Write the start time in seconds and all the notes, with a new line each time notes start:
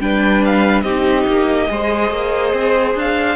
0.00 G3 D4 B4 G5
0.45 F5
0.82 C4 D#4 G4 D#5
1.27 A#3
1.68 G#3 G#4 C5
2.11 A#3
2.53 C4
2.95 D4 F5